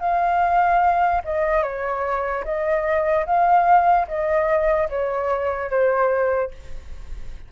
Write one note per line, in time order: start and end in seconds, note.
0.00 1.22 F5
1.24 1.63 D#5
1.63 2.44 C#5
2.44 3.25 D#5
3.26 4.07 F5
4.07 4.88 D#5
4.89 5.70 C#5
5.70 6.51 C5